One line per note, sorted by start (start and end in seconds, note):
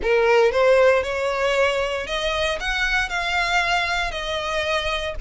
0.02 0.51 A#4
0.51 1.03 C5
1.03 2.06 C#5
2.07 2.58 D#5
2.60 3.09 F#5
3.09 4.11 F5
4.11 5.14 D#5